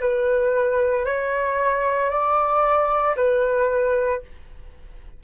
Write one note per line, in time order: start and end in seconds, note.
0.00 1.05 B4
1.05 2.10 C#5
2.10 3.15 D5
3.16 4.22 B4